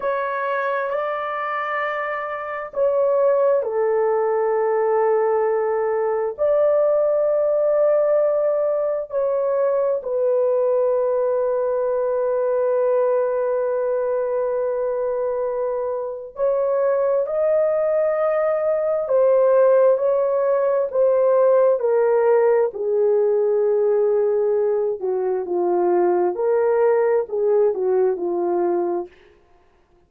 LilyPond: \new Staff \with { instrumentName = "horn" } { \time 4/4 \tempo 4 = 66 cis''4 d''2 cis''4 | a'2. d''4~ | d''2 cis''4 b'4~ | b'1~ |
b'2 cis''4 dis''4~ | dis''4 c''4 cis''4 c''4 | ais'4 gis'2~ gis'8 fis'8 | f'4 ais'4 gis'8 fis'8 f'4 | }